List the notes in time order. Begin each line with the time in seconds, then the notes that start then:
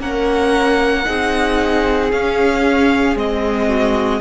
0.00 A#3 C#4 A#4 F#5
1.05 C4 D#4 G#4
2.12 C#4 F5
3.16 G#3 C4 D#5
3.68 F#4